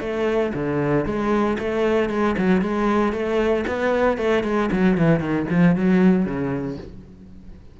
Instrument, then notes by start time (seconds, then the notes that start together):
cello
0.00 A3
0.54 D3
1.05 G#3
1.58 A3
2.09 G#3
2.37 F#3
2.61 G#3
3.13 A3
3.67 B3
4.17 A3
4.43 G#3
4.71 F#3
4.97 E3
5.20 D#3
5.49 F3
5.76 F#3
6.25 C#3